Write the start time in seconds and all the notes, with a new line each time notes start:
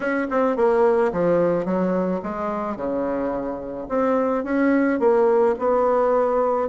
0.00 C#4
0.30 C4
0.56 A#3
1.12 F3
1.65 F#3
2.22 G#3
2.76 C#3
3.88 C4
4.43 C#4
4.99 A#3
5.59 B3